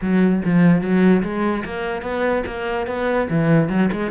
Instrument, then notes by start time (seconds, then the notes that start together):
cello
0.01 F#3
0.44 F3
0.81 F#3
1.22 G#3
1.65 A#3
2.02 B3
2.46 A#3
2.87 B3
3.29 E3
3.69 F#3
3.92 G#3